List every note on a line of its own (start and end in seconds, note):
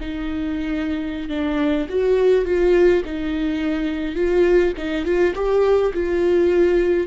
0.00 1.29 D#4
1.29 1.87 D4
1.89 2.45 F#4
2.45 3.03 F4
3.05 4.15 D#4
4.15 4.73 F4
4.77 5.05 D#4
5.05 5.34 F4
5.35 5.92 G4
5.94 7.07 F4